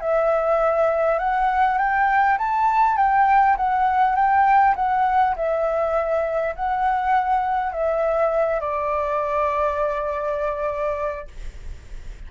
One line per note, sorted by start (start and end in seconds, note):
0.00 1.19 E5
1.19 1.78 F#5
1.78 2.37 G5
2.38 2.96 A5
2.96 3.56 G5
3.56 4.15 F#5
4.15 4.74 G5
4.75 5.35 F#5
5.36 6.55 E5
6.55 7.72 F#5
7.72 8.60 E5
8.60 11.27 D5